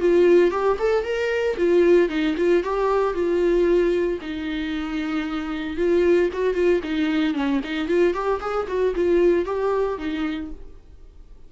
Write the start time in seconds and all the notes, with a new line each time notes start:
0.00 F4
0.51 G4
0.79 A4
1.04 A#4
1.57 F4
2.09 D#4
2.37 F4
2.63 G4
3.14 F4
4.21 D#4
5.77 F4
6.33 F#4
6.54 F4
6.83 D#4
7.34 C#4
7.64 D#4
7.88 F4
8.14 G4
8.40 G#4
8.68 F#4
8.95 F4
9.45 G4
9.98 D#4